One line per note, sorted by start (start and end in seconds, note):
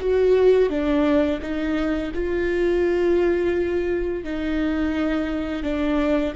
0.00 0.69 F#4
0.69 1.40 D4
1.41 2.12 D#4
2.14 4.24 F4
4.24 5.63 D#4
5.63 6.34 D4